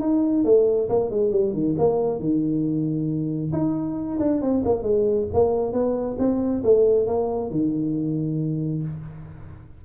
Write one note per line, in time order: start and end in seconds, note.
0.00 0.44 D#4
0.44 0.88 A3
0.89 1.10 A#3
1.10 1.31 G#3
1.31 1.53 G3
1.53 1.75 D#3
1.78 2.19 A#3
2.19 3.51 D#3
3.52 4.18 D#4
4.19 4.41 D4
4.41 4.63 C4
4.65 4.82 A#3
4.82 5.26 G#3
5.33 5.72 A#3
5.72 6.16 B3
6.18 6.62 C4
6.63 7.06 A3
7.06 7.50 A#3
7.50 8.83 D#3